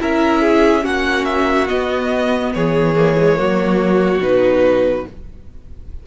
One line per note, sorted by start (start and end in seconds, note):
0.00 0.85 C#4
0.00 0.82 E4
0.00 0.42 A#4
0.00 0.86 E5
0.42 0.84 G#4
0.82 1.70 A#3
0.82 1.67 C#4
0.82 2.54 F#4
0.82 1.25 F#5
1.25 1.68 E5
1.68 2.96 B3
1.68 2.55 B3
1.68 2.53 D#5
2.55 3.39 E3
2.55 3.38 G#4
2.55 4.22 C#5
2.96 3.17 A#3
3.18 3.36 G#3
3.36 4.19 F#3
3.36 4.21 A#3
3.36 5.07 F#4
4.19 5.04 B2
4.19 5.06 D#4
4.19 5.07 B4